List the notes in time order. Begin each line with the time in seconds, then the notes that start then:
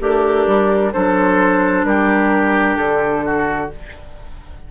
0.00 A3 D4 G4 A#4
0.47 G3
0.93 F#3 D4 A4 C5
1.84 G3 G4 A#4
2.77 D3 A4
3.25 F#4